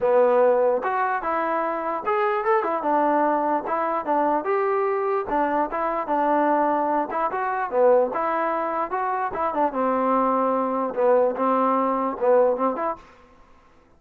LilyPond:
\new Staff \with { instrumentName = "trombone" } { \time 4/4 \tempo 4 = 148 b2 fis'4 e'4~ | e'4 gis'4 a'8 e'8 d'4~ | d'4 e'4 d'4 g'4~ | g'4 d'4 e'4 d'4~ |
d'4. e'8 fis'4 b4 | e'2 fis'4 e'8 d'8 | c'2. b4 | c'2 b4 c'8 e'8 | }